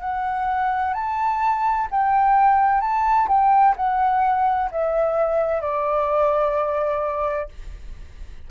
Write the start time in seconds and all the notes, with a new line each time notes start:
0.00 F#5
0.93 A5
1.90 G5
2.80 A5
3.28 G5
3.76 F#5
4.71 E5
5.61 D5